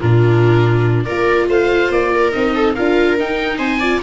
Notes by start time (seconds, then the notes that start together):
0.00 A#2 D4 F4 A#4
1.04 A#3 F4 A#4 D5
1.48 A3 C5 F5
1.90 A#3 D5
2.14 A#4
2.31 C4 D#4 D#5
2.55 A4
2.74 D4 F4 A#4 F5
3.18 D#4 G5
3.58 C4 C5 G#5
3.79 F4 D5